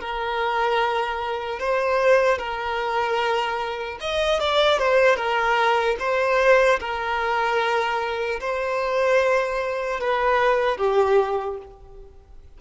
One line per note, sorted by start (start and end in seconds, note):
0.00 1.59 A#4
1.59 2.38 C5
2.38 3.98 A#4
4.00 4.40 D#5
4.40 4.79 D5
4.79 5.16 C5
5.16 5.96 A#4
5.99 6.79 C5
6.80 8.40 A#4
8.40 10.00 C5
10.00 10.77 B4
10.77 11.57 G4